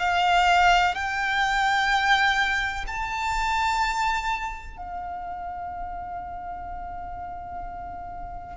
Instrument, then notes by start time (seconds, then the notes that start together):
violin
0.00 F5
0.95 G5
2.87 A5
4.77 F5